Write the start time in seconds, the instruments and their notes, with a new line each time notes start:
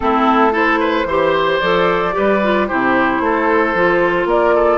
0.00 bassoon A3, clarinet C4, oboe E4, flute A4
0.51 clarinet E4, oboe A4, flute C5
0.80 oboe B4
1.04 bassoon E3, clarinet G4, oboe C5
1.59 bassoon F3, clarinet A4, flute D5
2.12 bassoon G3, clarinet G4, oboe B4
2.42 clarinet F4
2.67 bassoon C3, clarinet E4, oboe G4, flute C5
3.20 bassoon A3, oboe A4
3.73 bassoon F3, clarinet F4
4.25 bassoon A#3, oboe A#4, flute D5
4.54 oboe A4